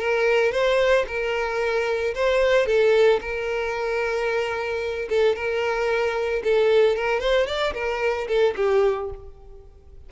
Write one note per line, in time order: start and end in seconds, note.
0.00 0.52 A#4
0.52 1.06 C5
1.08 2.15 A#4
2.15 2.67 C5
2.67 3.20 A4
3.22 5.09 A#4
5.10 5.36 A4
5.36 6.43 A#4
6.45 6.97 A4
6.97 7.21 A#4
7.21 7.47 C5
7.47 7.74 D5
7.74 8.28 A#4
8.29 8.55 A4
8.57 9.10 G4